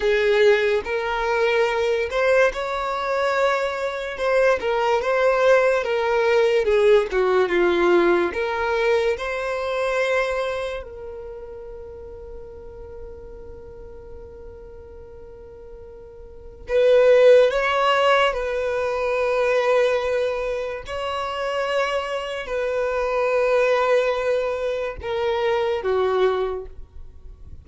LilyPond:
\new Staff \with { instrumentName = "violin" } { \time 4/4 \tempo 4 = 72 gis'4 ais'4. c''8 cis''4~ | cis''4 c''8 ais'8 c''4 ais'4 | gis'8 fis'8 f'4 ais'4 c''4~ | c''4 ais'2.~ |
ais'1 | b'4 cis''4 b'2~ | b'4 cis''2 b'4~ | b'2 ais'4 fis'4 | }